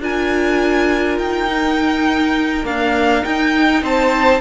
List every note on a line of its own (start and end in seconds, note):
0.00 1.18 D4
0.00 1.48 F4
0.00 3.82 A#4
0.00 1.19 G#5
1.18 2.65 D#4
1.18 2.66 G5
1.48 2.64 D#4
2.64 3.22 A#3
2.64 3.24 D4
2.64 3.25 F5
3.22 4.40 D#4
3.22 3.83 D#4
3.22 3.83 G5
3.82 4.41 C4
3.82 4.41 C5
3.82 4.41 A5